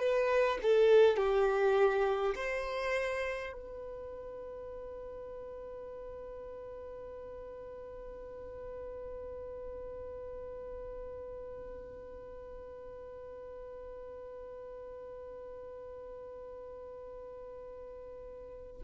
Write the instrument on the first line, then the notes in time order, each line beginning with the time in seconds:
violin
0.00 B4
0.63 A4
1.17 G4
2.36 C5
3.53 B4